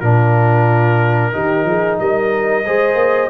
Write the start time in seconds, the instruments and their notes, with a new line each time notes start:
0.00 tuba A#2, trombone D4, horn F4, trumpet A#4
1.33 tuba D#3, trombone D#4, horn G4
1.64 tuba F3, horn G#4
2.00 tuba G3, horn A#4, trumpet D#5
2.66 tuba G#3, trombone G#4, horn C5
2.95 tuba A#3